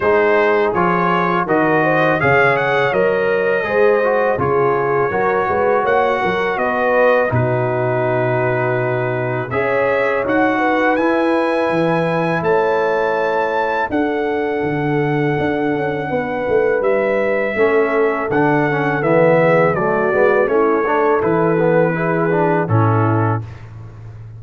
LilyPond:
<<
  \new Staff \with { instrumentName = "trumpet" } { \time 4/4 \tempo 4 = 82 c''4 cis''4 dis''4 f''8 fis''8 | dis''2 cis''2 | fis''4 dis''4 b'2~ | b'4 e''4 fis''4 gis''4~ |
gis''4 a''2 fis''4~ | fis''2. e''4~ | e''4 fis''4 e''4 d''4 | cis''4 b'2 a'4 | }
  \new Staff \with { instrumentName = "horn" } { \time 4/4 gis'2 ais'8 c''8 cis''4~ | cis''4 c''4 gis'4 ais'8 b'8 | cis''8 ais'8 b'4 fis'2~ | fis'4 cis''4. b'4.~ |
b'4 cis''2 a'4~ | a'2 b'2 | a'2~ a'8 gis'8 fis'4 | e'8 a'4. gis'4 e'4 | }
  \new Staff \with { instrumentName = "trombone" } { \time 4/4 dis'4 f'4 fis'4 gis'4 | ais'4 gis'8 fis'8 f'4 fis'4~ | fis'2 dis'2~ | dis'4 gis'4 fis'4 e'4~ |
e'2. d'4~ | d'1 | cis'4 d'8 cis'8 b4 a8 b8 | cis'8 d'8 e'8 b8 e'8 d'8 cis'4 | }
  \new Staff \with { instrumentName = "tuba" } { \time 4/4 gis4 f4 dis4 cis4 | fis4 gis4 cis4 fis8 gis8 | ais8 fis8 b4 b,2~ | b,4 cis'4 dis'4 e'4 |
e4 a2 d'4 | d4 d'8 cis'8 b8 a8 g4 | a4 d4 e4 fis8 gis8 | a4 e2 a,4 | }
>>